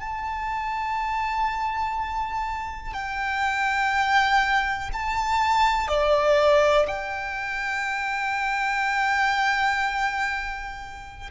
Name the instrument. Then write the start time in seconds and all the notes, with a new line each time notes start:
violin
0.00 A5
2.94 G5
4.93 A5
5.88 D5
6.88 G5